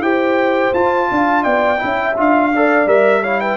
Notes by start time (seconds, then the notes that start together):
0.00 E4 G4 C5 G5
0.74 F4 A5
1.11 D4 F5
1.43 B3 D5 G5
1.78 C#4 E4 E5
2.17 D4 F4 F5
2.52 A4 D5
2.86 G3 A#4 E5
3.22 E4 C#5 F5
3.41 B4 G5